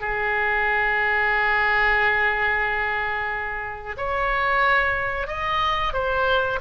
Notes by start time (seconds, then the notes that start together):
0.00 G#4
3.97 C#5
5.27 D#5
5.93 C5